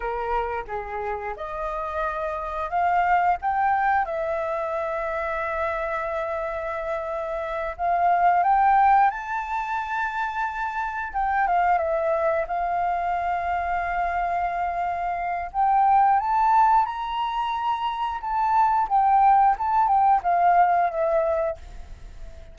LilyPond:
\new Staff \with { instrumentName = "flute" } { \time 4/4 \tempo 4 = 89 ais'4 gis'4 dis''2 | f''4 g''4 e''2~ | e''2.~ e''8 f''8~ | f''8 g''4 a''2~ a''8~ |
a''8 g''8 f''8 e''4 f''4.~ | f''2. g''4 | a''4 ais''2 a''4 | g''4 a''8 g''8 f''4 e''4 | }